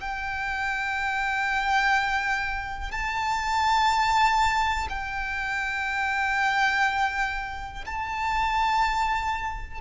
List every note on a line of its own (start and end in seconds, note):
0.00 2.92 G5
2.92 4.88 A5
4.90 7.85 G5
7.86 9.81 A5